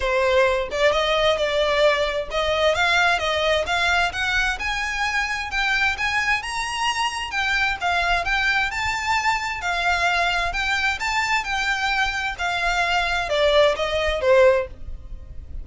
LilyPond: \new Staff \with { instrumentName = "violin" } { \time 4/4 \tempo 4 = 131 c''4. d''8 dis''4 d''4~ | d''4 dis''4 f''4 dis''4 | f''4 fis''4 gis''2 | g''4 gis''4 ais''2 |
g''4 f''4 g''4 a''4~ | a''4 f''2 g''4 | a''4 g''2 f''4~ | f''4 d''4 dis''4 c''4 | }